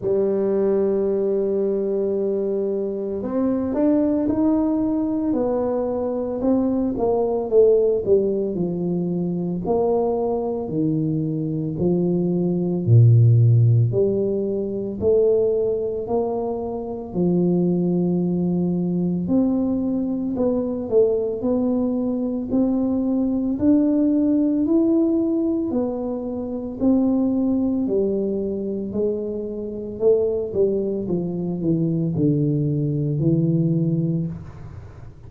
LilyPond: \new Staff \with { instrumentName = "tuba" } { \time 4/4 \tempo 4 = 56 g2. c'8 d'8 | dis'4 b4 c'8 ais8 a8 g8 | f4 ais4 dis4 f4 | ais,4 g4 a4 ais4 |
f2 c'4 b8 a8 | b4 c'4 d'4 e'4 | b4 c'4 g4 gis4 | a8 g8 f8 e8 d4 e4 | }